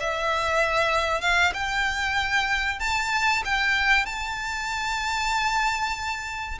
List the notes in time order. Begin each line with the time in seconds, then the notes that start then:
0.00 E5
1.21 F5
1.54 G5
2.80 A5
3.45 G5
4.06 A5